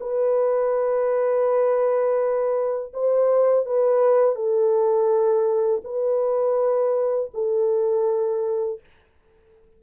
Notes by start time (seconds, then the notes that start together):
0.00 B4
2.93 C5
3.66 B4
4.35 A4
5.84 B4
7.34 A4